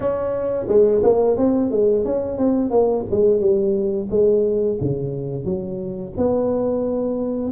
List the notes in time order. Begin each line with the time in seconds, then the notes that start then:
0.00 C#4
0.68 G#3
1.03 A#3
1.37 C4
1.70 G#3
2.05 C#4
2.37 C4
2.70 A#3
3.10 G#3
3.40 G3
4.10 G#3
4.80 C#3
5.44 F#3
6.17 B3